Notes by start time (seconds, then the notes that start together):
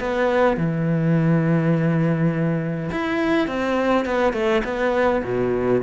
0.00 B3
0.57 E3
2.92 E4
3.47 C4
4.06 B3
4.33 A3
4.64 B3
5.24 B2